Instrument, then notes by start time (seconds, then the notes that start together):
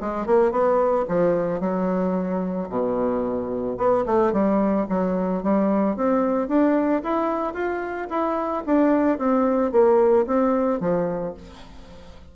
bassoon
0.00 G#3
0.26 A#3
0.51 B3
1.08 F3
1.60 F#3
2.69 B2
3.77 B3
4.05 A3
4.32 G3
4.89 F#3
5.43 G3
5.96 C4
6.48 D4
7.02 E4
7.54 F4
8.10 E4
8.66 D4
9.18 C4
9.71 A#3
10.27 C4
10.80 F3